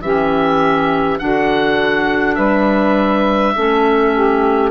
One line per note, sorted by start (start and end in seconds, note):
0.00 1.18 E3
0.00 1.19 C#4
0.00 1.19 G4
0.00 1.19 E5
1.19 2.37 D3
1.19 3.55 D4
1.19 2.36 F#4
1.19 2.35 F#5
2.35 3.55 G3
2.35 3.54 B4
2.35 4.70 E5
3.55 4.71 A3
3.55 4.71 C#4
3.55 4.13 A4
4.13 4.71 G4